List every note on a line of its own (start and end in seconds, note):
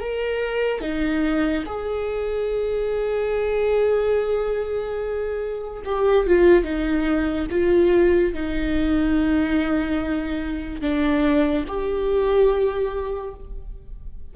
0.00 0.81 A#4
0.81 1.64 D#4
1.66 5.83 G#4
5.85 6.27 G4
6.27 6.64 F4
6.64 7.47 D#4
7.51 8.34 F4
8.34 10.81 D#4
10.81 11.65 D4
11.68 13.34 G4